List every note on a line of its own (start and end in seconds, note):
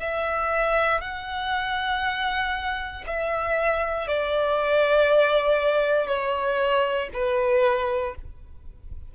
0.00 1.01 E5
1.01 3.04 F#5
3.06 4.07 E5
4.07 6.07 D5
6.07 7.09 C#5
7.13 8.15 B4